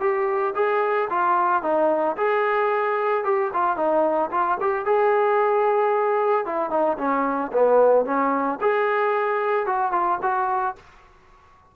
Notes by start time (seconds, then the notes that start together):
0.00 G4
0.55 G#4
1.09 F4
1.62 D#4
2.16 G#4
3.24 G4
3.53 F4
3.76 D#4
4.31 F4
4.60 G4
4.85 G#4
6.45 E4
6.70 D#4
6.98 C#4
7.52 B3
8.05 C#4
8.61 G#4
9.66 F#4
9.92 F4
10.22 F#4